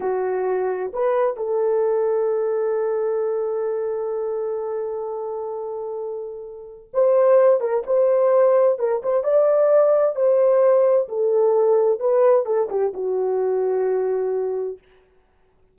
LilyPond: \new Staff \with { instrumentName = "horn" } { \time 4/4 \tempo 4 = 130 fis'2 b'4 a'4~ | a'1~ | a'1~ | a'2. c''4~ |
c''8 ais'8 c''2 ais'8 c''8 | d''2 c''2 | a'2 b'4 a'8 g'8 | fis'1 | }